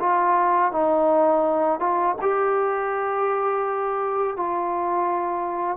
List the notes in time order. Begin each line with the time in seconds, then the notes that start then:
0.00 F4
0.72 D#4
1.80 F4
2.21 G4
4.37 F4